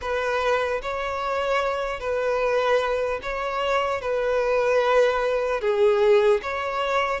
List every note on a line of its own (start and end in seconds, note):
0.01 0.81 B4
0.82 2.00 C#5
2.00 3.20 B4
3.22 4.01 C#5
4.01 5.60 B4
5.60 6.40 G#4
6.42 7.20 C#5